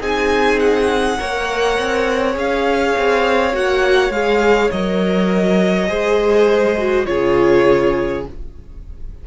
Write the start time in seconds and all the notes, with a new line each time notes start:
0.00 C4 D#4 G#4 G#5
0.59 F#5
1.18 A#3 A#4 C#5
1.79 C4
2.33 C#4 G#4 F5
2.98 C4
3.52 A#3 F#4 F#5
4.10 G#3 G#4 F5
4.71 F#3 A#4 D#5
5.87 G#3 G#4 C5
6.77 F#4
7.06 C#3 F4 G#4 C#5